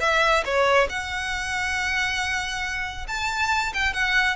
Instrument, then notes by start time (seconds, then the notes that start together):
violin
0.00 E5
0.45 C#5
0.89 F#5
3.08 A5
3.74 G5
3.93 F#5